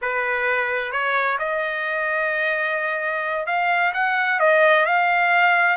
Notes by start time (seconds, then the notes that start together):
0.01 B4
0.91 C#5
1.38 D#5
3.46 F5
3.93 F#5
4.39 D#5
4.85 F5